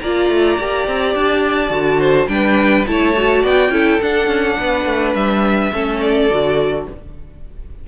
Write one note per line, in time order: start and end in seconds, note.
0.00 0.30 A#3
0.00 0.59 F4
0.00 2.00 D5
0.00 1.14 A#5
0.30 0.58 A3
0.59 0.87 A#3
0.59 1.70 G4
0.87 1.15 C4
1.15 1.71 D4
1.15 2.28 A5
1.70 2.28 D3
1.70 2.27 F#4
2.00 2.28 C5
2.28 2.85 G3
2.28 2.85 D4
2.28 2.89 B4
2.28 2.85 G5
2.87 3.44 A3
2.87 3.16 E4
2.87 3.43 C#5
2.87 3.45 A5
3.17 3.72 F#4
3.43 3.70 B3
3.43 3.72 D5
3.43 4.02 G5
3.70 3.98 C#4
3.70 4.00 E4
3.70 4.59 A4
4.02 5.73 D4
4.02 4.28 D4
4.02 5.15 F#5
4.28 4.57 C#4
4.60 4.86 B3
4.60 5.73 B4
4.86 5.15 A3
5.15 5.72 G3
5.15 6.01 E5
5.73 6.30 A3
5.73 6.30 C#4
5.73 6.87 A4
6.01 6.87 D5
6.30 6.87 D3
6.30 6.88 F#4